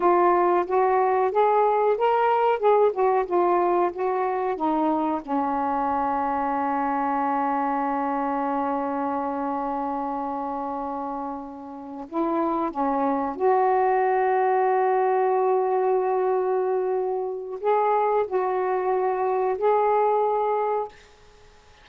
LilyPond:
\new Staff \with { instrumentName = "saxophone" } { \time 4/4 \tempo 4 = 92 f'4 fis'4 gis'4 ais'4 | gis'8 fis'8 f'4 fis'4 dis'4 | cis'1~ | cis'1~ |
cis'2~ cis'8 e'4 cis'8~ | cis'8 fis'2.~ fis'8~ | fis'2. gis'4 | fis'2 gis'2 | }